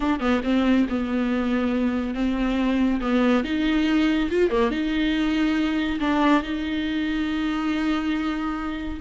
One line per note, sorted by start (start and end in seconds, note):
0.00 0.19 D4
0.19 0.41 B3
0.43 0.86 C4
0.89 2.14 B3
2.14 3.00 C4
3.01 3.43 B3
3.44 4.29 D#4
4.30 4.50 F4
4.50 4.70 A#3
4.70 5.99 D#4
6.00 6.42 D4
6.42 9.00 D#4